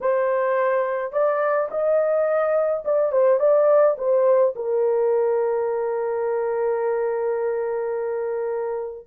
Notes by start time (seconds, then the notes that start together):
0.01 C5
1.12 D5
1.71 D#5
2.85 D5
3.12 C5
3.39 D5
3.98 C5
4.55 A#4